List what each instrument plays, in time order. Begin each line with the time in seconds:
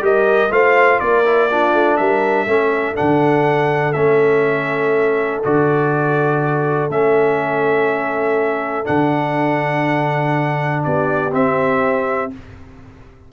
0.00 tuba G3, trombone G4, horn A#4, trumpet D#5
0.50 tuba A3, trombone F4, horn C5, trumpet F5
0.99 tuba A#3, horn A#4, trumpet D5
1.25 trombone E4
1.51 trombone D4, horn F4
1.74 tuba A3
1.97 tuba G3, horn A#4, trumpet E5
2.46 tuba A3, trombone C#4, horn A4
2.95 tuba D3, trombone D4, trumpet F#5
3.93 tuba A3, trombone C#4, trumpet E5
5.44 tuba D3, trombone F#4, trumpet D5
6.89 tuba A3, trombone C#4, trumpet E5
8.85 tuba D3, trombone D4, trumpet F#5
10.84 tuba B3, horn G4, trumpet D5
11.32 trombone C4, tuba C4, trumpet E5